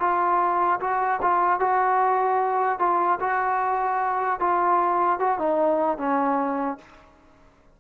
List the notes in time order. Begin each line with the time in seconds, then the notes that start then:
0.00 F4
0.80 F#4
1.22 F4
1.60 F#4
2.79 F4
3.20 F#4
4.40 F4
5.20 F#4
5.39 D#4
5.98 C#4